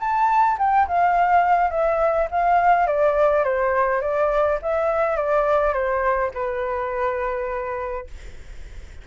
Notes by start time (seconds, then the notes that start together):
0.00 A5
0.58 G5
0.88 F5
1.70 E5
2.31 F5
2.87 D5
3.44 C5
4.01 D5
4.62 E5
5.17 D5
5.73 C5
6.34 B4